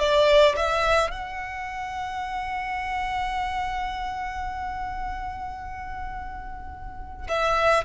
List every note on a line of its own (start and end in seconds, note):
0.00 0.56 D5
0.57 1.11 E5
1.11 7.28 F#5
7.29 7.85 E5